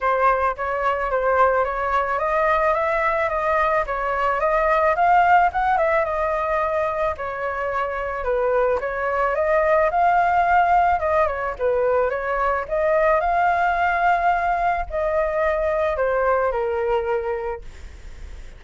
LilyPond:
\new Staff \with { instrumentName = "flute" } { \time 4/4 \tempo 4 = 109 c''4 cis''4 c''4 cis''4 | dis''4 e''4 dis''4 cis''4 | dis''4 f''4 fis''8 e''8 dis''4~ | dis''4 cis''2 b'4 |
cis''4 dis''4 f''2 | dis''8 cis''8 b'4 cis''4 dis''4 | f''2. dis''4~ | dis''4 c''4 ais'2 | }